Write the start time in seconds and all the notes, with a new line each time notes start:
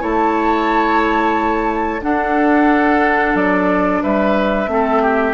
0.00 A3 E4 C#5 A5
2.02 D4 A4 F#5
3.35 F#3 D5
4.03 G3 B4 E5
4.68 A3 C4 A4
5.03 G4